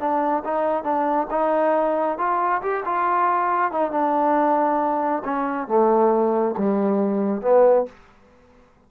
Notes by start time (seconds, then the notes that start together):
0.00 D4
0.45 D#4
0.84 D4
1.31 D#4
2.18 F4
2.62 G4
2.86 F4
3.72 D#4
3.92 D4
5.25 C#4
5.68 A3
6.58 G3
7.42 B3